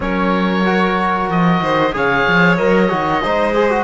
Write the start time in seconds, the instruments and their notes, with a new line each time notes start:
0.00 cello F#3, trombone C#4, violin A#4, oboe C#5
0.64 trombone F#4
1.28 cello F3, oboe D#5
1.60 cello D#3, violin C5
1.92 cello C#3, trombone G#4, violin C#5, oboe F5
2.27 cello F3
2.57 cello F#3, trombone A#4, oboe D#5
2.89 cello D#3, trombone F#4
3.22 cello G#3, trombone D#4, violin C5
3.54 trombone G#4
3.70 trombone F#4